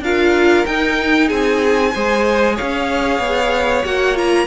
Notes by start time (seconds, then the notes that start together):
0.00 D4 F4 A#4 F5
0.65 D#4 G5
1.28 C4 G#4 G#5
1.93 G#3 G#4 C5
2.54 C#5 F5
2.61 C#4
3.19 B3
3.85 A#3 F#4 F#5
4.15 F4 A#5